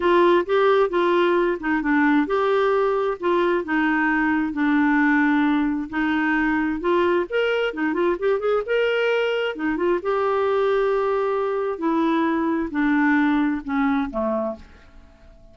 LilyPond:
\new Staff \with { instrumentName = "clarinet" } { \time 4/4 \tempo 4 = 132 f'4 g'4 f'4. dis'8 | d'4 g'2 f'4 | dis'2 d'2~ | d'4 dis'2 f'4 |
ais'4 dis'8 f'8 g'8 gis'8 ais'4~ | ais'4 dis'8 f'8 g'2~ | g'2 e'2 | d'2 cis'4 a4 | }